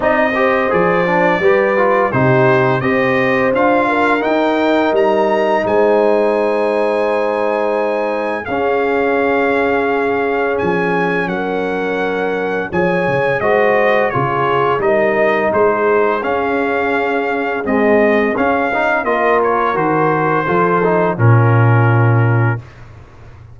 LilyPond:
<<
  \new Staff \with { instrumentName = "trumpet" } { \time 4/4 \tempo 4 = 85 dis''4 d''2 c''4 | dis''4 f''4 g''4 ais''4 | gis''1 | f''2. gis''4 |
fis''2 gis''4 dis''4 | cis''4 dis''4 c''4 f''4~ | f''4 dis''4 f''4 dis''8 cis''8 | c''2 ais'2 | }
  \new Staff \with { instrumentName = "horn" } { \time 4/4 d''8 c''4. b'4 g'4 | c''4. ais'2~ ais'8 | c''1 | gis'1 |
ais'2 cis''4 c''4 | gis'4 ais'4 gis'2~ | gis'2. ais'4~ | ais'4 a'4 f'2 | }
  \new Staff \with { instrumentName = "trombone" } { \time 4/4 dis'8 g'8 gis'8 d'8 g'8 f'8 dis'4 | g'4 f'4 dis'2~ | dis'1 | cis'1~ |
cis'2 gis'4 fis'4 | f'4 dis'2 cis'4~ | cis'4 gis4 cis'8 dis'8 f'4 | fis'4 f'8 dis'8 cis'2 | }
  \new Staff \with { instrumentName = "tuba" } { \time 4/4 c'4 f4 g4 c4 | c'4 d'4 dis'4 g4 | gis1 | cis'2. f4 |
fis2 f8 cis8 gis4 | cis4 g4 gis4 cis'4~ | cis'4 c'4 cis'4 ais4 | dis4 f4 ais,2 | }
>>